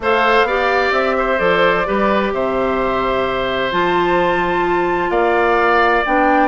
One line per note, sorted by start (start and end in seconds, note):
0.00 0.43 A3
0.00 0.48 A4
0.00 0.46 C5
0.00 0.92 F5
0.43 0.89 B3
0.43 1.37 G4
0.43 1.16 D5
0.92 1.38 C4
0.92 1.38 E5
1.17 1.87 C5
1.37 1.86 F3
1.37 1.84 A4
1.37 2.31 D5
1.85 2.33 G3
1.85 3.71 G4
1.85 2.33 B4
2.33 3.72 C3
2.33 5.10 C5
2.33 3.72 E5
3.71 5.10 F3
3.71 6.03 F4
3.71 5.10 A5
5.10 6.03 A#3
5.10 6.47 D5
5.10 6.03 F5
6.05 6.47 B3
6.05 6.47 D4
6.05 6.47 G5